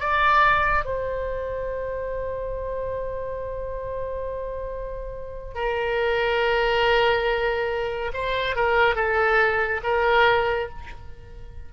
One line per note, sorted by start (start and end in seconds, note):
0.00 0.85 D5
0.85 5.55 C5
5.55 8.12 A#4
8.14 8.56 C5
8.56 8.96 A#4
8.96 9.81 A4
9.84 10.69 A#4